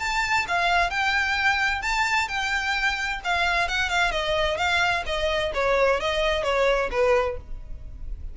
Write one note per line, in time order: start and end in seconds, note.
0.00 0.46 A5
0.48 0.91 F5
0.91 1.82 G5
1.82 2.28 A5
2.29 3.21 G5
3.25 3.69 F5
3.69 3.90 F#5
3.90 4.12 F5
4.12 4.58 D#5
4.58 5.04 F5
5.07 5.53 D#5
5.54 6.01 C#5
6.01 6.44 D#5
6.44 6.90 C#5
6.91 7.38 B4